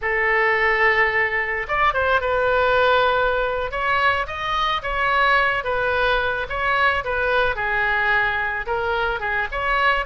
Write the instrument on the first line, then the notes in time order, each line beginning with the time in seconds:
oboe
0.01 A4
1.68 D5
1.93 C5
2.20 B4
3.71 C#5
4.26 D#5
4.82 C#5
5.64 B4
6.49 C#5
7.04 B4
7.55 G#4
8.66 A#4
9.20 G#4
9.51 C#5